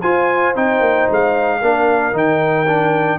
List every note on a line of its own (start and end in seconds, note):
0.00 0.55 F4
0.00 0.56 F4
0.00 1.59 C5
0.00 0.55 G#5
0.55 0.81 C4
0.55 1.62 D#4
0.55 1.10 G5
0.81 1.07 A#3
1.11 1.62 G#3
1.11 2.18 F5
1.62 2.13 A#3
1.62 2.13 D4
1.62 3.19 A#4
2.13 3.19 D#3
2.13 2.66 D#4
2.13 3.19 G5
2.67 3.19 D4